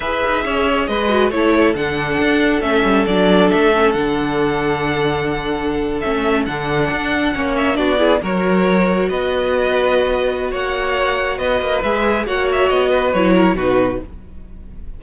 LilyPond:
<<
  \new Staff \with { instrumentName = "violin" } { \time 4/4 \tempo 4 = 137 e''2 dis''4 cis''4 | fis''2 e''4 d''4 | e''4 fis''2.~ | fis''4.~ fis''16 e''4 fis''4~ fis''16~ |
fis''4~ fis''16 e''8 d''4 cis''4~ cis''16~ | cis''8. dis''2.~ dis''16 | fis''2 dis''4 e''4 | fis''8 e''8 dis''4 cis''4 b'4 | }
  \new Staff \with { instrumentName = "violin" } { \time 4/4 b'4 cis''4 b'4 a'4~ | a'1~ | a'1~ | a'1~ |
a'8. cis''4 fis'8 gis'8 ais'4~ ais'16~ | ais'8. b'2.~ b'16 | cis''2 b'2 | cis''4. b'4 ais'8 fis'4 | }
  \new Staff \with { instrumentName = "viola" } { \time 4/4 gis'2~ gis'8 fis'8 e'4 | d'2 cis'4 d'4~ | d'8 cis'8 d'2.~ | d'4.~ d'16 cis'4 d'4~ d'16~ |
d'8. cis'4 d'8 e'8 fis'4~ fis'16~ | fis'1~ | fis'2. gis'4 | fis'2 e'4 dis'4 | }
  \new Staff \with { instrumentName = "cello" } { \time 4/4 e'8 dis'8 cis'4 gis4 a4 | d4 d'4 a8 g8 fis4 | a4 d2.~ | d4.~ d16 a4 d4 d'16~ |
d'8. ais4 b4 fis4~ fis16~ | fis8. b2.~ b16 | ais2 b8 ais8 gis4 | ais4 b4 fis4 b,4 | }
>>